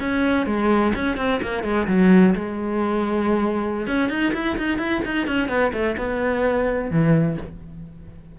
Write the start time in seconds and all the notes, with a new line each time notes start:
0.00 C#4
0.46 G#3
0.95 C#4
1.17 C4
1.43 A#3
1.64 G#3
1.88 F#3
2.35 G#3
3.87 C#4
4.10 D#4
4.34 E4
4.58 D#4
4.79 E4
5.05 D#4
5.27 C#4
5.49 B3
5.73 A3
5.98 B3
6.91 E3